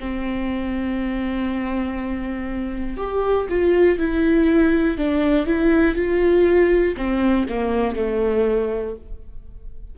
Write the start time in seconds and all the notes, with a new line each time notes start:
0.00 C4
2.98 G4
3.50 F4
3.99 E4
4.98 D4
5.47 E4
5.96 F4
6.97 C4
7.49 A#3
7.96 A3